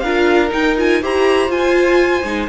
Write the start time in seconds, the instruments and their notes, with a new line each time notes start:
0.00 cello D4, viola F4, violin A#4 F5
0.50 viola D#4, cello D#4, violin G5
0.78 viola F4, violin G#5
1.02 cello E4, viola G4, violin C5 A#5
1.48 cello F4, viola F4, violin G#5
2.23 cello G#3, viola D#4